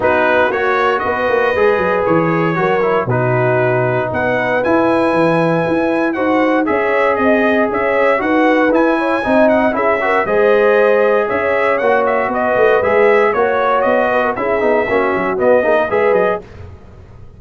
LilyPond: <<
  \new Staff \with { instrumentName = "trumpet" } { \time 4/4 \tempo 4 = 117 b'4 cis''4 dis''2 | cis''2 b'2 | fis''4 gis''2. | fis''4 e''4 dis''4 e''4 |
fis''4 gis''4. fis''8 e''4 | dis''2 e''4 fis''8 e''8 | dis''4 e''4 cis''4 dis''4 | e''2 dis''4 e''8 dis''8 | }
  \new Staff \with { instrumentName = "horn" } { \time 4/4 fis'2 b'2~ | b'4 ais'4 fis'2 | b'1 | c''4 cis''4 dis''4 cis''4 |
b'4. cis''8 dis''4 gis'8 ais'8 | c''2 cis''2 | b'2 cis''4. b'16 ais'16 | gis'4 fis'4. gis'16 ais'16 b'4 | }
  \new Staff \with { instrumentName = "trombone" } { \time 4/4 dis'4 fis'2 gis'4~ | gis'4 fis'8 e'8 dis'2~ | dis'4 e'2. | fis'4 gis'2. |
fis'4 e'4 dis'4 e'8 fis'8 | gis'2. fis'4~ | fis'4 gis'4 fis'2 | e'8 dis'8 cis'4 b8 dis'8 gis'4 | }
  \new Staff \with { instrumentName = "tuba" } { \time 4/4 b4 ais4 b8 ais8 gis8 fis8 | e4 fis4 b,2 | b4 e'4 e4 e'4 | dis'4 cis'4 c'4 cis'4 |
dis'4 e'4 c'4 cis'4 | gis2 cis'4 ais4 | b8 a8 gis4 ais4 b4 | cis'8 b8 ais8 fis8 b8 ais8 gis8 fis8 | }
>>